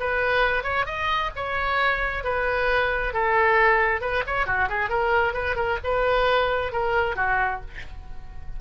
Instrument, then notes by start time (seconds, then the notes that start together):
oboe
0.00 B4
0.64 C#5
0.86 D#5
1.36 C#5
2.24 B4
3.13 A4
4.01 B4
4.27 C#5
4.47 F#4
4.69 G#4
4.89 A#4
5.33 B4
5.56 A#4
5.84 B4
6.72 A#4
7.16 F#4